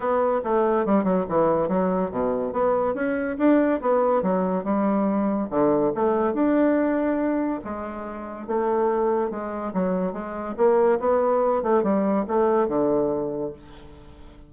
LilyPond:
\new Staff \with { instrumentName = "bassoon" } { \time 4/4 \tempo 4 = 142 b4 a4 g8 fis8 e4 | fis4 b,4 b4 cis'4 | d'4 b4 fis4 g4~ | g4 d4 a4 d'4~ |
d'2 gis2 | a2 gis4 fis4 | gis4 ais4 b4. a8 | g4 a4 d2 | }